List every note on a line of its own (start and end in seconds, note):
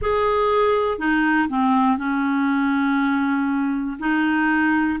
0.01 0.98 G#4
0.98 1.48 D#4
1.48 1.97 C4
1.97 3.97 C#4
3.99 4.99 D#4